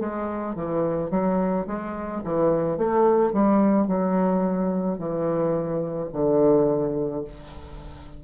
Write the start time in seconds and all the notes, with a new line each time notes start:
0.00 G#3
0.56 E3
1.11 F#3
1.67 G#3
2.24 E3
2.78 A3
3.33 G3
3.87 F#3
4.98 E3
6.13 D3